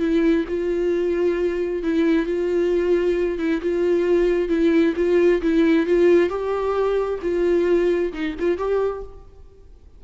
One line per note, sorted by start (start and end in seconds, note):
0.00 0.45 E4
0.49 1.84 F4
1.84 2.26 E4
2.26 3.39 F4
3.39 3.62 E4
3.62 4.49 F4
4.49 4.94 E4
4.97 5.42 F4
5.42 5.87 E4
5.87 6.30 F4
6.30 7.20 G4
7.23 8.13 F4
8.13 8.36 D#4
8.40 8.58 F4
8.58 9.03 G4